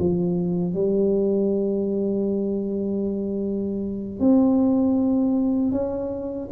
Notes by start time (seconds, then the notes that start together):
0.00 F3
0.74 G3
4.20 C4
5.72 C#4